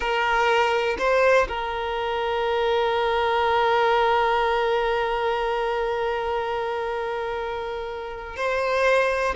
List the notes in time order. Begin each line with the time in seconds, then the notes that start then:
0.00 A#4
0.98 C5
1.48 A#4
8.36 C5